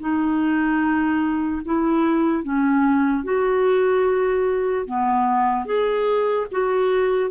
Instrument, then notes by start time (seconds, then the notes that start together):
clarinet
0.00 D#4
1.65 E4
2.44 C#4
3.24 F#4
4.86 B3
5.66 G#4
6.52 F#4